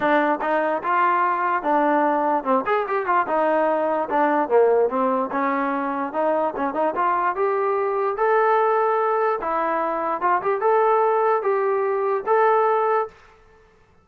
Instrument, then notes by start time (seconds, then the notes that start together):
trombone
0.00 D4
0.41 D#4
0.83 F4
1.62 D4
2.44 C4
2.66 G#4
2.87 G4
3.06 F4
3.27 D#4
4.09 D4
4.48 A#3
4.89 C4
5.31 C#4
6.13 D#4
6.56 C#4
6.74 D#4
6.95 F4
7.35 G4
8.16 A4
9.41 E4
10.21 F4
10.42 G4
10.60 A4
11.42 G4
12.26 A4